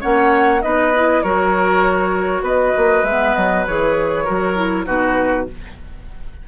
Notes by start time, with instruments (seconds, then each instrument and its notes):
0.00 bassoon A#3, clarinet C#4, oboe C#5, flute F#5
0.62 bassoon B3, clarinet D#4, oboe B4, flute D#5
0.95 clarinet E4
1.22 bassoon F#3, clarinet F#4, oboe A#4, flute C#5
2.41 bassoon B3, oboe B4, flute D#5
2.77 bassoon A#3
3.03 bassoon G#3, clarinet B3, flute E5
3.35 bassoon F#3, flute D#5
3.66 bassoon E3, clarinet G#4, flute C#5
4.24 bassoon F#3, clarinet F#4, oboe A#4
4.55 clarinet E4
4.85 bassoon B2, clarinet D#4, oboe F#4, flute B4